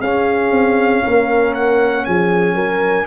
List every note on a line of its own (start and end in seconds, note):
0.00 0.50 C#4
0.00 3.06 C#4
0.00 1.02 G#4
0.00 1.53 F5
0.50 1.01 C4
1.04 2.07 A#3
1.04 2.06 A#4
1.54 2.04 F#5
2.04 2.54 F3
2.04 2.54 G#4
2.04 3.06 G#5
2.54 3.05 F#3
2.54 3.05 A#4